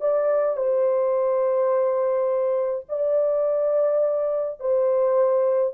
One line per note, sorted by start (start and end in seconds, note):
0.00 0.57 D5
0.57 2.85 C5
2.89 4.60 D5
4.60 5.73 C5